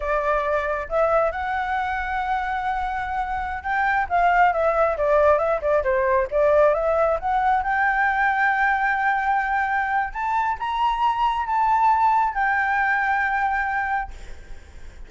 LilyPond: \new Staff \with { instrumentName = "flute" } { \time 4/4 \tempo 4 = 136 d''2 e''4 fis''4~ | fis''1~ | fis''16 g''4 f''4 e''4 d''8.~ | d''16 e''8 d''8 c''4 d''4 e''8.~ |
e''16 fis''4 g''2~ g''8.~ | g''2. a''4 | ais''2 a''2 | g''1 | }